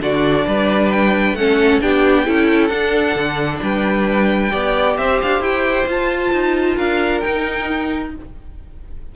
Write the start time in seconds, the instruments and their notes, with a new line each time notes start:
0.00 cello D3, viola D4, violin F#4 D5
0.47 cello G3, violin B4
0.91 violin G5
1.33 cello A3, viola C#4, violin A4 F#5
1.81 cello B3, viola D4, violin G4 G5
2.25 cello C#4, viola E4, violin A4
2.67 cello D4, viola D4, violin F#5
3.15 cello D3
3.62 cello G3, violin B4 G5
4.50 cello B3, viola G4, violin D5
4.97 cello C4, violin C5 E5
5.22 cello D4, violin F5
5.40 cello E4, violin G5
5.86 cello F4, viola F4, violin A5
6.32 cello D#4
6.76 cello D4, violin A#4 F5
7.20 viola D#4, cello D#4, violin G5